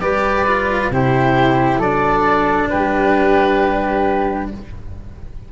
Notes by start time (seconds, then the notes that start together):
0.00 G3 G4 B4 D5
0.47 F4
0.90 C3 E4 G4 C5
1.78 F#3 D4 A4 D5
2.70 G3 G4 B4